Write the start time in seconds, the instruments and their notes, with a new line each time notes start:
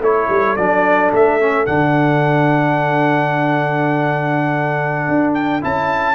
0.00 tuba A3, trombone E4, horn A4, trumpet C#5
0.29 tuba G3
0.56 tuba F#3, trombone D4, trumpet D5
1.12 tuba A3, trumpet E5
1.40 trombone C#4
1.66 tuba D3, trombone D4, trumpet F#5
5.08 tuba D4
5.34 trumpet G5
5.61 tuba C#4, trombone E4, trumpet A5